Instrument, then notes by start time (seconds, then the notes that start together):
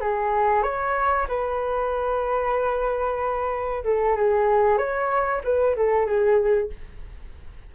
flute
0.00 G#4
0.63 C#5
1.28 B4
3.84 A4
4.15 G#4
4.77 C#5
5.43 B4
5.75 A4
6.06 G#4